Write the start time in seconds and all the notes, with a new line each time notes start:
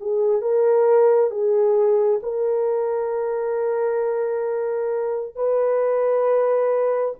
0.00 G#4
0.41 A#4
1.30 G#4
2.22 A#4
5.35 B4